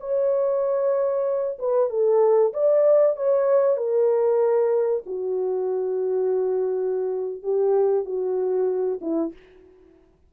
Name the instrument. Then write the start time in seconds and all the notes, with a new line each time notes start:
horn
0.00 C#5
1.59 B4
1.90 A4
2.53 D5
3.16 C#5
3.77 A#4
5.06 F#4
7.43 G4
8.05 F#4
9.01 E4